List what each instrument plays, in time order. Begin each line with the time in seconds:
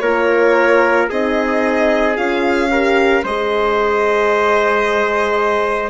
0.00 bassoon A#3, horn F4, trumpet A#4, violin C#5
1.10 bassoon C4, horn D#4, trumpet G#4, violin D#5
2.17 bassoon C#4, horn F4, violin F5
2.71 horn G4, trumpet A#4
3.24 bassoon G#3, horn G#4, trumpet C5, violin D#5